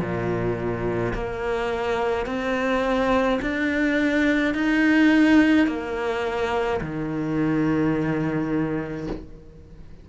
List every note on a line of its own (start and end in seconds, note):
0.00 1.13 A#2
1.14 2.26 A#3
2.26 3.40 C4
3.42 4.54 D4
4.54 5.68 D#4
5.68 6.81 A#3
6.81 9.07 D#3